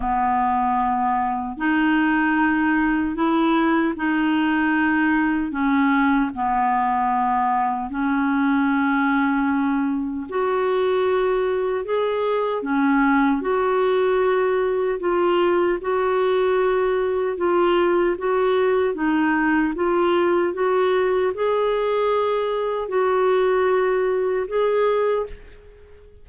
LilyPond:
\new Staff \with { instrumentName = "clarinet" } { \time 4/4 \tempo 4 = 76 b2 dis'2 | e'4 dis'2 cis'4 | b2 cis'2~ | cis'4 fis'2 gis'4 |
cis'4 fis'2 f'4 | fis'2 f'4 fis'4 | dis'4 f'4 fis'4 gis'4~ | gis'4 fis'2 gis'4 | }